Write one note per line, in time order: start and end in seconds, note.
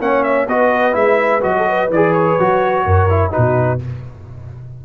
0.00 0.48 A#3
0.00 0.48 C#4
0.00 0.48 C#5
0.00 0.23 F#5
0.23 0.47 E5
0.48 0.95 B3
0.48 0.93 F#4
0.48 1.55 B4
0.48 0.94 D#5
0.93 1.43 G#3
0.93 1.40 E4
0.93 1.42 E5
1.40 1.89 F#3
1.40 1.88 F#4
1.40 1.91 D#5
1.57 1.69 A4
1.69 2.86 B4
1.89 2.37 E3
1.89 2.40 G#4
1.89 2.13 D5
2.13 3.32 C#5
2.39 2.86 F#3
2.39 3.09 F#4
2.86 3.33 F#2
2.86 3.33 A#4
3.09 3.31 E4
3.31 3.78 D#4
3.31 3.80 F#4
3.31 3.80 B4
3.37 3.85 B2